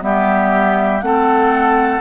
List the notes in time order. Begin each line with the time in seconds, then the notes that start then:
0.00 G3 B3 G4 E5
1.00 A3 C4 A4 F#5